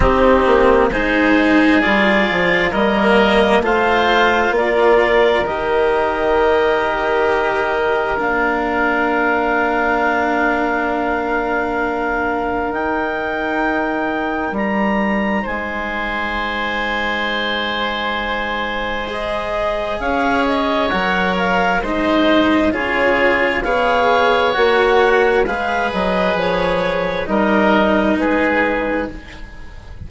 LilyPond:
<<
  \new Staff \with { instrumentName = "clarinet" } { \time 4/4 \tempo 4 = 66 g'4 c''4 d''4 dis''4 | f''4 d''4 dis''2~ | dis''4 f''2.~ | f''2 g''2 |
ais''4 gis''2.~ | gis''4 dis''4 f''8 dis''8 fis''8 f''8 | dis''4 cis''4 f''4 fis''4 | f''8 dis''8 cis''4 dis''4 b'4 | }
  \new Staff \with { instrumentName = "oboe" } { \time 4/4 dis'4 gis'2 ais'4 | c''4 ais'2.~ | ais'1~ | ais'1~ |
ais'4 c''2.~ | c''2 cis''2 | c''4 gis'4 cis''2 | b'2 ais'4 gis'4 | }
  \new Staff \with { instrumentName = "cello" } { \time 4/4 c'4 dis'4 f'4 ais4 | f'2 g'2~ | g'4 d'2.~ | d'2 dis'2~ |
dis'1~ | dis'4 gis'2 ais'4 | dis'4 f'4 gis'4 fis'4 | gis'2 dis'2 | }
  \new Staff \with { instrumentName = "bassoon" } { \time 4/4 c'8 ais8 gis4 g8 f8 g4 | a4 ais4 dis2~ | dis4 ais2.~ | ais2 dis'2 |
g4 gis2.~ | gis2 cis'4 fis4 | gis4 cis4 b4 ais4 | gis8 fis8 f4 g4 gis4 | }
>>